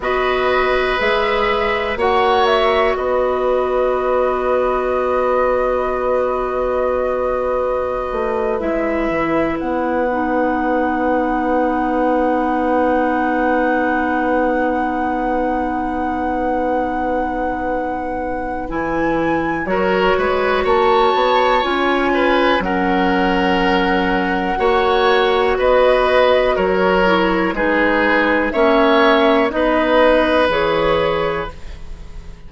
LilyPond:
<<
  \new Staff \with { instrumentName = "flute" } { \time 4/4 \tempo 4 = 61 dis''4 e''4 fis''8 e''8 dis''4~ | dis''1~ | dis''8. e''4 fis''2~ fis''16~ | fis''1~ |
fis''2. gis''4 | cis''4 a''4 gis''4 fis''4~ | fis''2 dis''4 cis''4 | b'4 e''4 dis''4 cis''4 | }
  \new Staff \with { instrumentName = "oboe" } { \time 4/4 b'2 cis''4 b'4~ | b'1~ | b'1~ | b'1~ |
b'1 | ais'8 b'8 cis''4. b'8 ais'4~ | ais'4 cis''4 b'4 ais'4 | gis'4 cis''4 b'2 | }
  \new Staff \with { instrumentName = "clarinet" } { \time 4/4 fis'4 gis'4 fis'2~ | fis'1~ | fis'8. e'4. dis'4.~ dis'16~ | dis'1~ |
dis'2. e'4 | fis'2 f'4 cis'4~ | cis'4 fis'2~ fis'8 e'8 | dis'4 cis'4 dis'4 gis'4 | }
  \new Staff \with { instrumentName = "bassoon" } { \time 4/4 b4 gis4 ais4 b4~ | b1~ | b16 a8 gis8 e8 b2~ b16~ | b1~ |
b2. e4 | fis8 gis8 ais8 b8 cis'4 fis4~ | fis4 ais4 b4 fis4 | gis4 ais4 b4 e4 | }
>>